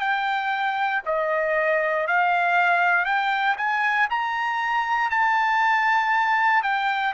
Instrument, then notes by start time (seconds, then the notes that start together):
trumpet
0.00 G5
1.05 D#5
2.07 F5
3.05 G5
3.57 G#5
4.10 A#5
5.10 A5
6.63 G5